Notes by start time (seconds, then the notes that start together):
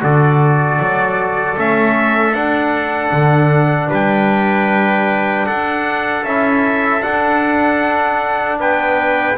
0.00 D3 F#4 A4 D5
0.79 F#3
1.56 A3 C#4 E5
2.33 D4 F#5
3.12 D3
3.90 G3 B4 G5
5.46 D4 A4 F#5
6.24 C#4 E4 E5
7.02 D4 F#5
8.59 B3 B4 G5